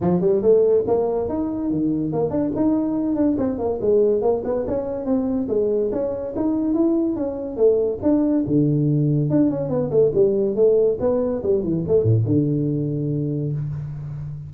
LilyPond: \new Staff \with { instrumentName = "tuba" } { \time 4/4 \tempo 4 = 142 f8 g8 a4 ais4 dis'4 | dis4 ais8 d'8 dis'4. d'8 | c'8 ais8 gis4 ais8 b8 cis'4 | c'4 gis4 cis'4 dis'4 |
e'4 cis'4 a4 d'4 | d2 d'8 cis'8 b8 a8 | g4 a4 b4 g8 e8 | a8 a,8 d2. | }